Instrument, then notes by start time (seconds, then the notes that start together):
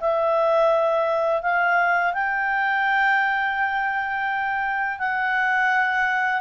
clarinet
0.00 E5
1.42 F5
2.13 G5
4.98 F#5